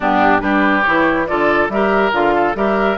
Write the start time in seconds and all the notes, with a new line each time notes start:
0.00 G2 B3 D4 G4
0.39 G3 D4 G4 B4
0.83 E3 E4 C#5
1.26 D3 F4 A4 D5
1.68 G3 G4 A#4 E5
2.12 D3 F4 F5
2.35 A4
2.55 G3 G4 A#4 E5